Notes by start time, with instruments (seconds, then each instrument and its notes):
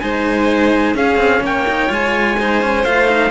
0.00 cello G#3 D#4, violin C5, trumpet G#5
0.94 cello C#4, violin G#4, trumpet F5
1.17 cello C4
1.41 cello A#3, violin C#5, trumpet G5
1.68 cello D#4
1.89 cello G#3 F4, trumpet G#5
2.39 cello D#4, violin C5
2.62 cello C#4
2.84 cello A3 F4, trumpet F5
3.07 cello D#4